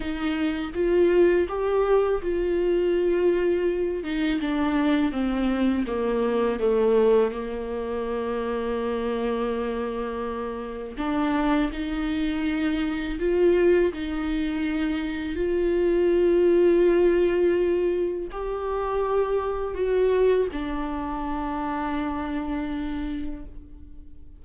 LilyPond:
\new Staff \with { instrumentName = "viola" } { \time 4/4 \tempo 4 = 82 dis'4 f'4 g'4 f'4~ | f'4. dis'8 d'4 c'4 | ais4 a4 ais2~ | ais2. d'4 |
dis'2 f'4 dis'4~ | dis'4 f'2.~ | f'4 g'2 fis'4 | d'1 | }